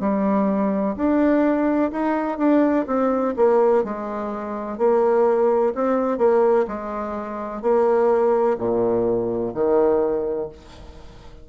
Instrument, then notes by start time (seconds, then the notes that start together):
bassoon
0.00 G3
0.95 D4
1.91 D#4
2.38 D4
2.87 C4
3.36 A#3
3.84 G#3
4.77 A#3
5.74 C4
6.17 A#3
6.67 G#3
7.62 A#3
8.58 A#2
9.54 D#3